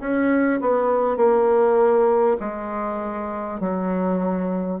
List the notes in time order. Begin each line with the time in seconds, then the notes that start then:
0.00 C#4
0.61 B3
1.16 A#3
2.39 G#3
3.60 F#3